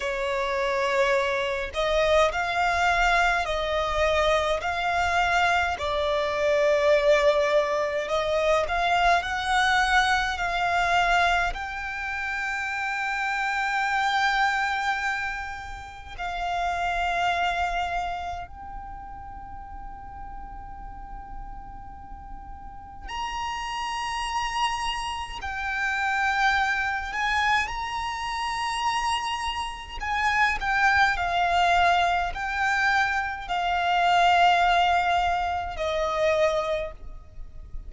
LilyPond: \new Staff \with { instrumentName = "violin" } { \time 4/4 \tempo 4 = 52 cis''4. dis''8 f''4 dis''4 | f''4 d''2 dis''8 f''8 | fis''4 f''4 g''2~ | g''2 f''2 |
g''1 | ais''2 g''4. gis''8 | ais''2 gis''8 g''8 f''4 | g''4 f''2 dis''4 | }